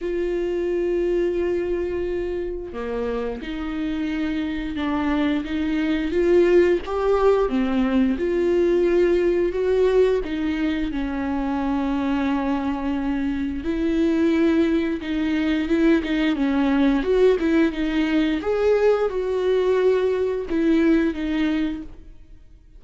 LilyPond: \new Staff \with { instrumentName = "viola" } { \time 4/4 \tempo 4 = 88 f'1 | ais4 dis'2 d'4 | dis'4 f'4 g'4 c'4 | f'2 fis'4 dis'4 |
cis'1 | e'2 dis'4 e'8 dis'8 | cis'4 fis'8 e'8 dis'4 gis'4 | fis'2 e'4 dis'4 | }